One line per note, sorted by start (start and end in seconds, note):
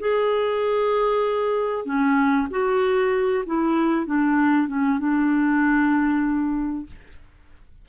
0.00 1.86 G#4
1.86 2.48 C#4
2.51 3.45 F#4
3.46 4.06 E4
4.06 4.68 D4
4.68 4.99 C#4
4.99 6.87 D4